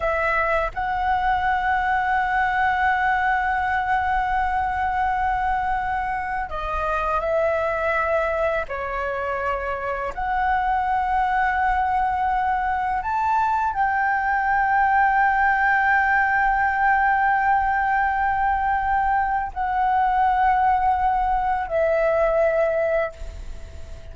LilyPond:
\new Staff \with { instrumentName = "flute" } { \time 4/4 \tempo 4 = 83 e''4 fis''2.~ | fis''1~ | fis''4 dis''4 e''2 | cis''2 fis''2~ |
fis''2 a''4 g''4~ | g''1~ | g''2. fis''4~ | fis''2 e''2 | }